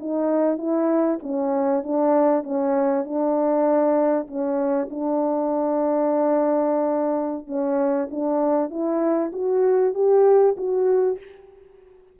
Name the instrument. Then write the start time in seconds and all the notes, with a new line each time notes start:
horn
0.00 D#4
0.58 E4
1.23 C#4
1.84 D4
2.44 C#4
3.05 D4
4.28 C#4
4.91 D4
7.48 C#4
8.11 D4
8.71 E4
9.33 F#4
9.95 G4
10.57 F#4